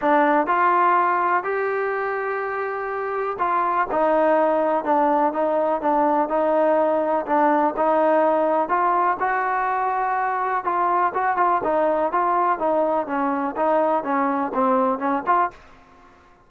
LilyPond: \new Staff \with { instrumentName = "trombone" } { \time 4/4 \tempo 4 = 124 d'4 f'2 g'4~ | g'2. f'4 | dis'2 d'4 dis'4 | d'4 dis'2 d'4 |
dis'2 f'4 fis'4~ | fis'2 f'4 fis'8 f'8 | dis'4 f'4 dis'4 cis'4 | dis'4 cis'4 c'4 cis'8 f'8 | }